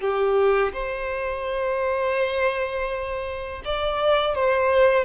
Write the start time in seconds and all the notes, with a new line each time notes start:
0.00 G4
0.73 C5
3.64 D5
4.34 C5